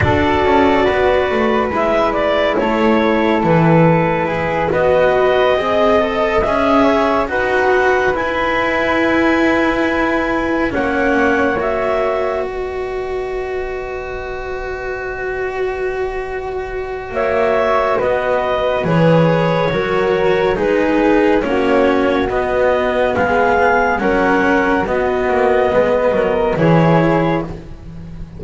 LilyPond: <<
  \new Staff \with { instrumentName = "clarinet" } { \time 4/4 \tempo 4 = 70 d''2 e''8 d''8 cis''4 | b'4. dis''2 e''8~ | e''8 fis''4 gis''2~ gis''8~ | gis''8 fis''4 e''4 dis''4.~ |
dis''1 | e''4 dis''4 cis''2 | b'4 cis''4 dis''4 f''4 | fis''4 dis''2 cis''4 | }
  \new Staff \with { instrumentName = "flute" } { \time 4/4 a'4 b'2 a'4~ | a'4 gis'8 b'4 dis''4. | cis''8 b'2.~ b'8~ | b'8 cis''2 b'4.~ |
b'1 | cis''4 b'2 ais'4 | gis'4 fis'2 gis'4 | ais'4 fis'4 b'8 ais'8 gis'4 | }
  \new Staff \with { instrumentName = "cello" } { \time 4/4 fis'2 e'2~ | e'4. fis'4 gis'8 a'8 gis'8~ | gis'8 fis'4 e'2~ e'8~ | e'8 cis'4 fis'2~ fis'8~ |
fis'1~ | fis'2 gis'4 fis'4 | dis'4 cis'4 b2 | cis'4 b2 e'4 | }
  \new Staff \with { instrumentName = "double bass" } { \time 4/4 d'8 cis'8 b8 a8 gis4 a4 | e4 e'8 b4 c'4 cis'8~ | cis'8 dis'4 e'2~ e'8~ | e'8 ais2 b4.~ |
b1 | ais4 b4 e4 fis4 | gis4 ais4 b4 gis4 | fis4 b8 ais8 gis8 fis8 e4 | }
>>